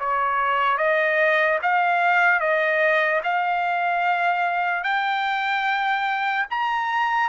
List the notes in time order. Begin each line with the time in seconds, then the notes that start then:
0.00 C#5
0.78 D#5
1.63 F5
2.40 D#5
3.24 F5
4.84 G5
6.50 A#5